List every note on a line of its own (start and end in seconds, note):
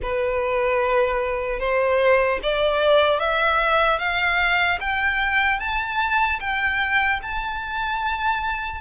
0.02 1.59 B4
1.59 2.39 C5
2.43 3.19 D5
3.19 3.98 E5
3.98 4.78 F5
4.80 5.59 G5
5.59 6.39 A5
6.40 7.20 G5
7.22 8.81 A5